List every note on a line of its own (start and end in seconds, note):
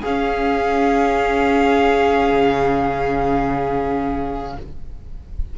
0.00 4.57 C#4
0.00 2.30 C#4
0.00 4.53 G#4
0.00 4.57 F5
2.30 4.56 C#3